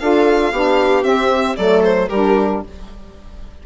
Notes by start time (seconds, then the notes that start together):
0.00 D4 F4 A4 F5
0.53 B3 D4 G4
1.03 C4 E5
1.56 F#3 A3 A4 D5
1.84 C5
2.09 G3 D4 G4 A#4